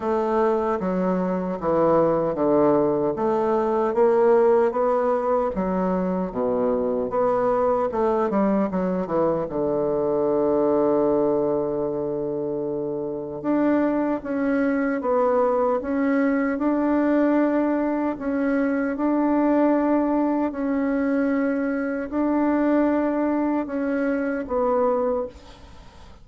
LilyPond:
\new Staff \with { instrumentName = "bassoon" } { \time 4/4 \tempo 4 = 76 a4 fis4 e4 d4 | a4 ais4 b4 fis4 | b,4 b4 a8 g8 fis8 e8 | d1~ |
d4 d'4 cis'4 b4 | cis'4 d'2 cis'4 | d'2 cis'2 | d'2 cis'4 b4 | }